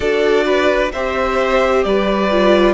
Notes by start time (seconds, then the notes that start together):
0.00 D4 F#4 A4 D5
0.45 B4
0.92 C4 G4 C5 E5
1.83 G3 B4 D5
2.31 F4